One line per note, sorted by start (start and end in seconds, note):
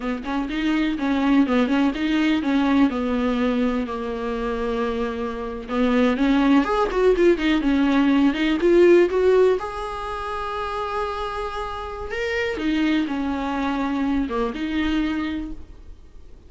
0.00 0.23 B3
0.24 0.48 C#4
0.49 0.97 D#4
0.98 1.46 C#4
1.46 1.67 B3
1.67 1.91 C#4
1.94 2.42 D#4
2.42 2.89 C#4
2.89 3.86 B3
3.87 5.68 A#3
5.69 6.16 B3
6.16 6.64 C#4
6.64 6.88 G#4
6.91 7.15 F#4
7.16 7.37 F4
7.37 7.61 D#4
7.61 8.33 C#4
8.33 8.57 D#4
8.60 9.09 F4
9.09 9.58 F#4
9.59 12.11 G#4
12.11 12.57 A#4
12.57 13.06 D#4
13.07 14.28 C#4
14.29 14.53 A#3
14.54 15.51 D#4